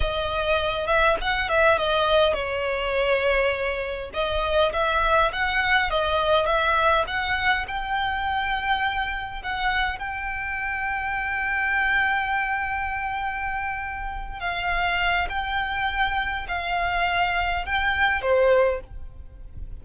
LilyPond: \new Staff \with { instrumentName = "violin" } { \time 4/4 \tempo 4 = 102 dis''4. e''8 fis''8 e''8 dis''4 | cis''2. dis''4 | e''4 fis''4 dis''4 e''4 | fis''4 g''2. |
fis''4 g''2.~ | g''1~ | g''8 f''4. g''2 | f''2 g''4 c''4 | }